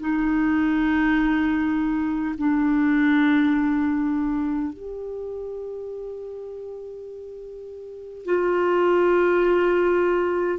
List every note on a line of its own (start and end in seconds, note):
0.00 2.35 D#4
2.38 4.73 D4
4.73 8.25 G4
8.25 10.59 F4